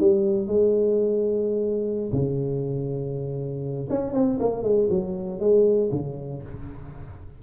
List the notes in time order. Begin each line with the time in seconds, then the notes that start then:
0.00 G3
0.48 G#3
2.13 C#3
3.90 C#4
4.14 C4
4.40 A#3
4.63 G#3
4.90 F#3
5.40 G#3
5.92 C#3